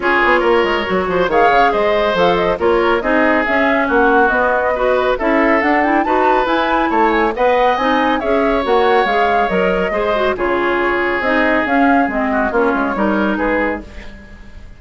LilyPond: <<
  \new Staff \with { instrumentName = "flute" } { \time 4/4 \tempo 4 = 139 cis''2. f''4 | dis''4 f''8 dis''8 cis''4 dis''4 | e''4 fis''4 dis''2 | e''4 fis''8 g''8 a''4 gis''4 |
a''8 gis''8 fis''4 gis''4 e''4 | fis''4 f''4 dis''2 | cis''2 dis''4 f''4 | dis''4 cis''2 b'4 | }
  \new Staff \with { instrumentName = "oboe" } { \time 4/4 gis'4 ais'4. c''8 cis''4 | c''2 ais'4 gis'4~ | gis'4 fis'2 b'4 | a'2 b'2 |
cis''4 dis''2 cis''4~ | cis''2. c''4 | gis'1~ | gis'8 fis'8 f'4 ais'4 gis'4 | }
  \new Staff \with { instrumentName = "clarinet" } { \time 4/4 f'2 fis'4 gis'4~ | gis'4 a'4 f'4 dis'4 | cis'2 b4 fis'4 | e'4 d'8 e'8 fis'4 e'4~ |
e'4 b'4 dis'4 gis'4 | fis'4 gis'4 ais'4 gis'8 fis'8 | f'2 dis'4 cis'4 | c'4 cis'4 dis'2 | }
  \new Staff \with { instrumentName = "bassoon" } { \time 4/4 cis'8 b8 ais8 gis8 fis8 f8 dis8 cis8 | gis4 f4 ais4 c'4 | cis'4 ais4 b2 | cis'4 d'4 dis'4 e'4 |
a4 b4 c'4 cis'4 | ais4 gis4 fis4 gis4 | cis2 c'4 cis'4 | gis4 ais8 gis8 g4 gis4 | }
>>